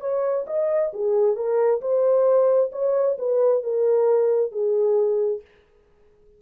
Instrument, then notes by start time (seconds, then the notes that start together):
horn
0.00 C#5
0.46 D#5
0.93 G#4
1.36 A#4
1.81 C5
2.72 C#5
3.18 B4
3.63 A#4
4.51 G#4